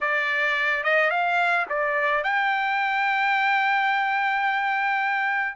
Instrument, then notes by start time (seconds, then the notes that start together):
trumpet
0.00 D5
0.83 D#5
1.10 F5
1.69 D5
2.23 G5